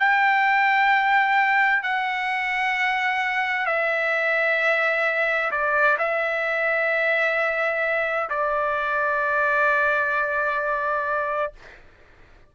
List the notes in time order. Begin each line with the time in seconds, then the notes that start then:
0.00 G5
1.83 F#5
3.66 E5
5.51 D5
5.99 E5
8.30 D5